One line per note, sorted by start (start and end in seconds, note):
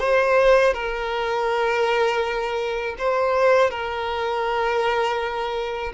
0.00 0.74 C5
0.74 2.96 A#4
2.99 3.70 C5
3.70 5.93 A#4